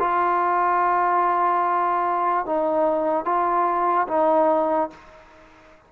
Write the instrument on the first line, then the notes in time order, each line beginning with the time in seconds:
trombone
0.00 F4
2.46 D#4
3.25 F4
4.08 D#4